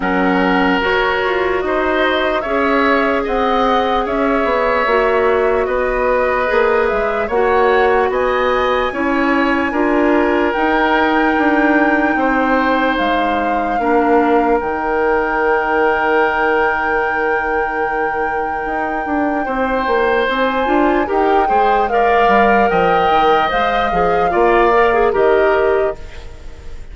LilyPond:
<<
  \new Staff \with { instrumentName = "flute" } { \time 4/4 \tempo 4 = 74 fis''4 cis''4 dis''4 e''4 | fis''4 e''2 dis''4~ | dis''8 e''8 fis''4 gis''2~ | gis''4 g''2. |
f''2 g''2~ | g''1~ | g''4 gis''4 g''4 f''4 | g''4 f''2 dis''4 | }
  \new Staff \with { instrumentName = "oboe" } { \time 4/4 ais'2 c''4 cis''4 | dis''4 cis''2 b'4~ | b'4 cis''4 dis''4 cis''4 | ais'2. c''4~ |
c''4 ais'2.~ | ais'1 | c''2 ais'8 c''8 d''4 | dis''2 d''4 ais'4 | }
  \new Staff \with { instrumentName = "clarinet" } { \time 4/4 cis'4 fis'2 gis'4~ | gis'2 fis'2 | gis'4 fis'2 e'4 | f'4 dis'2.~ |
dis'4 d'4 dis'2~ | dis'1~ | dis'4. f'8 g'8 gis'8 ais'4~ | ais'4 c''8 gis'8 f'8 ais'16 gis'16 g'4 | }
  \new Staff \with { instrumentName = "bassoon" } { \time 4/4 fis4 fis'8 f'8 dis'4 cis'4 | c'4 cis'8 b8 ais4 b4 | ais8 gis8 ais4 b4 cis'4 | d'4 dis'4 d'4 c'4 |
gis4 ais4 dis2~ | dis2. dis'8 d'8 | c'8 ais8 c'8 d'8 dis'8 gis4 g8 | f8 dis8 gis8 f8 ais4 dis4 | }
>>